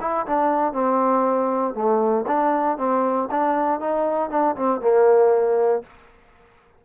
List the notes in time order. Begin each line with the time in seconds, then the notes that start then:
0.00 E4
0.26 D4
0.73 C4
1.74 A3
2.27 D4
2.77 C4
3.30 D4
3.80 D#4
4.30 D4
4.56 C4
4.81 A#3